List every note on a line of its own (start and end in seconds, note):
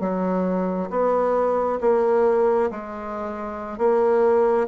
0.00 0.90 F#3
0.90 1.80 B3
1.81 2.70 A#3
2.71 3.78 G#3
3.78 4.68 A#3